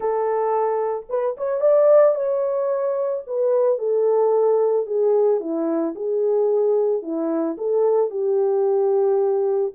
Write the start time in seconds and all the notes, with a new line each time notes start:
0.00 A4
1.09 B4
1.37 C#5
1.60 D5
2.14 C#5
3.26 B4
3.78 A4
4.86 G#4
5.40 E4
5.95 G#4
7.02 E4
7.57 A4
8.10 G4